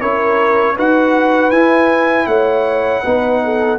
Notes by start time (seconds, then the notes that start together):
0.00 C#4 E4 A#4 C#5
0.75 D#4 F#4 B4 F#5
1.50 E4 G#5
2.26 A3 C#5 F#5
3.02 B3 D#4 B4
3.44 A4